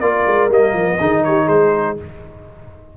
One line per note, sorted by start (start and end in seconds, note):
0.00 0.26 A#3
0.00 0.50 F4
0.00 0.99 A#4
0.00 0.49 D5
0.27 0.50 G#3
0.50 0.73 G3
0.50 0.98 A#3
0.50 1.24 D#5
0.73 0.98 F3
1.00 1.49 D#3
1.00 1.97 D#4
1.00 1.24 G#4
1.24 1.45 G4
1.24 1.48 C#5
1.45 1.97 G#3
1.45 1.94 G#4
1.45 1.97 C5